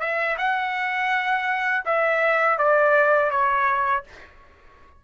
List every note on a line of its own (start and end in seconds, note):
0.00 0.37 E5
0.38 1.84 F#5
1.85 2.58 E5
2.58 3.30 D5
3.30 4.03 C#5